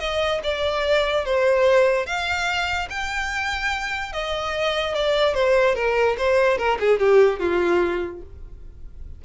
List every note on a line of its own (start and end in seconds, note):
0.00 0.41 D#5
0.43 1.25 D5
1.25 2.06 C5
2.06 2.88 F5
2.90 4.12 G5
4.12 4.95 D#5
4.95 5.34 D5
5.34 5.75 C5
5.75 6.16 A#4
6.18 6.58 C5
6.58 6.78 A#4
6.80 6.99 G#4
6.99 7.40 G4
7.40 8.22 F4